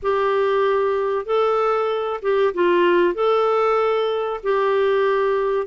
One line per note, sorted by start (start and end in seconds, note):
0.02 1.25 G4
1.25 2.20 A4
2.22 2.53 G4
2.53 3.14 F4
3.14 4.40 A4
4.43 5.66 G4